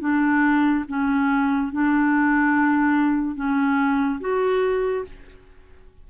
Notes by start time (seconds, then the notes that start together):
0.00 D4
0.88 C#4
1.72 D4
3.35 C#4
4.20 F#4